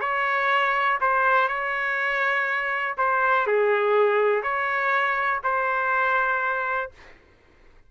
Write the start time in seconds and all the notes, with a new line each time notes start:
0.00 C#5
1.01 C5
1.48 C#5
2.98 C5
3.46 G#4
4.42 C#5
5.43 C5